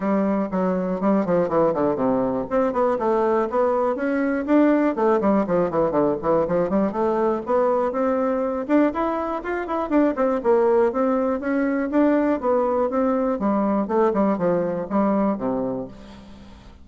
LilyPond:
\new Staff \with { instrumentName = "bassoon" } { \time 4/4 \tempo 4 = 121 g4 fis4 g8 f8 e8 d8 | c4 c'8 b8 a4 b4 | cis'4 d'4 a8 g8 f8 e8 | d8 e8 f8 g8 a4 b4 |
c'4. d'8 e'4 f'8 e'8 | d'8 c'8 ais4 c'4 cis'4 | d'4 b4 c'4 g4 | a8 g8 f4 g4 c4 | }